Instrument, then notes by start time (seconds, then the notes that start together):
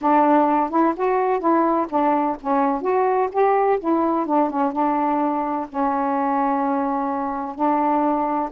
saxophone
0.01 D4
0.70 E4
0.96 F#4
1.39 E4
1.89 D4
2.41 C#4
2.81 F#4
3.32 G4
3.79 E4
4.26 D4
4.49 C#4
4.72 D4
5.69 C#4
7.55 D4